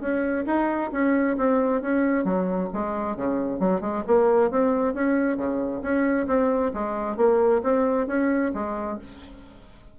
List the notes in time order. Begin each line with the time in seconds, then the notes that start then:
0.00 C#4
0.46 D#4
0.92 C#4
1.37 C4
1.81 C#4
2.24 F#3
2.73 G#3
3.16 C#3
3.59 F#3
3.81 G#3
4.07 A#3
4.51 C4
4.94 C#4
5.37 C#3
5.82 C#4
6.27 C4
6.73 G#3
7.16 A#3
7.63 C4
8.07 C#4
8.54 G#3